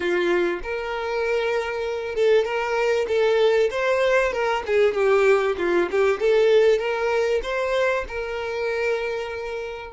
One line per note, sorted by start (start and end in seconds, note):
0.00 0.59 F4
0.63 2.15 A#4
2.15 2.44 A4
2.44 3.06 A#4
3.08 3.70 A4
3.71 4.32 C5
4.32 4.63 A#4
4.66 4.94 G#4
4.94 5.56 G4
5.58 5.89 F4
5.91 6.20 G4
6.20 6.78 A4
6.78 7.40 A#4
7.42 8.04 C5
8.07 9.92 A#4